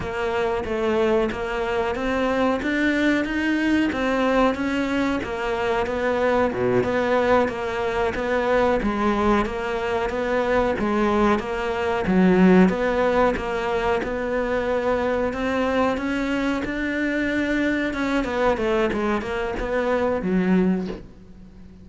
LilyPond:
\new Staff \with { instrumentName = "cello" } { \time 4/4 \tempo 4 = 92 ais4 a4 ais4 c'4 | d'4 dis'4 c'4 cis'4 | ais4 b4 b,8 b4 ais8~ | ais8 b4 gis4 ais4 b8~ |
b8 gis4 ais4 fis4 b8~ | b8 ais4 b2 c'8~ | c'8 cis'4 d'2 cis'8 | b8 a8 gis8 ais8 b4 fis4 | }